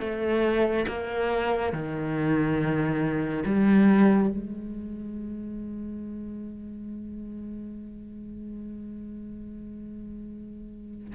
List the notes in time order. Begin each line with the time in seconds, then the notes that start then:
0.00 A3
0.88 A#3
1.72 D#3
3.45 G3
4.29 G#3